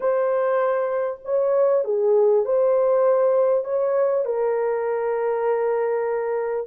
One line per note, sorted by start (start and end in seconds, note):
0.00 1.20 C5
1.24 1.84 C#5
1.84 2.45 G#4
2.45 3.64 C5
3.64 4.25 C#5
4.25 6.67 A#4